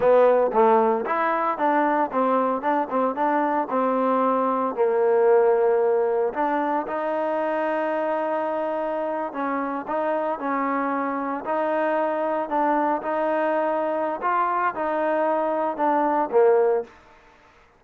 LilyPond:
\new Staff \with { instrumentName = "trombone" } { \time 4/4 \tempo 4 = 114 b4 a4 e'4 d'4 | c'4 d'8 c'8 d'4 c'4~ | c'4 ais2. | d'4 dis'2.~ |
dis'4.~ dis'16 cis'4 dis'4 cis'16~ | cis'4.~ cis'16 dis'2 d'16~ | d'8. dis'2~ dis'16 f'4 | dis'2 d'4 ais4 | }